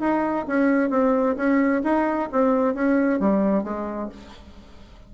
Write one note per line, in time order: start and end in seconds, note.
0.00 0.46 D#4
0.47 0.90 C#4
0.90 1.36 C4
1.36 1.82 C#4
1.83 2.29 D#4
2.32 2.74 C4
2.74 3.19 C#4
3.19 3.63 G3
3.63 4.09 G#3